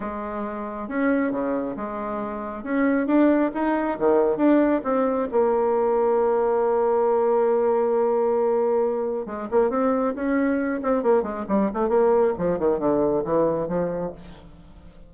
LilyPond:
\new Staff \with { instrumentName = "bassoon" } { \time 4/4 \tempo 4 = 136 gis2 cis'4 cis4 | gis2 cis'4 d'4 | dis'4 dis4 d'4 c'4 | ais1~ |
ais1~ | ais4 gis8 ais8 c'4 cis'4~ | cis'8 c'8 ais8 gis8 g8 a8 ais4 | f8 dis8 d4 e4 f4 | }